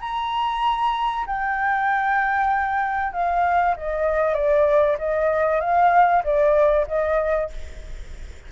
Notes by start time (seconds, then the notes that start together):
0.00 A#5
1.26 G5
3.12 F5
3.76 D#5
4.34 D5
4.98 D#5
5.60 F5
6.23 D5
6.87 D#5